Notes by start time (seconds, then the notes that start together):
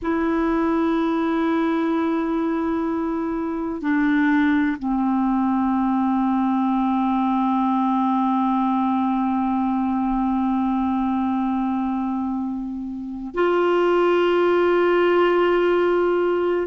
0.02 E4
3.81 D4
4.79 C4
13.34 F4